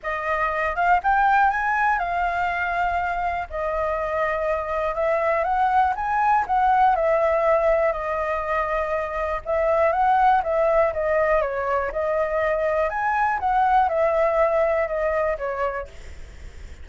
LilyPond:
\new Staff \with { instrumentName = "flute" } { \time 4/4 \tempo 4 = 121 dis''4. f''8 g''4 gis''4 | f''2. dis''4~ | dis''2 e''4 fis''4 | gis''4 fis''4 e''2 |
dis''2. e''4 | fis''4 e''4 dis''4 cis''4 | dis''2 gis''4 fis''4 | e''2 dis''4 cis''4 | }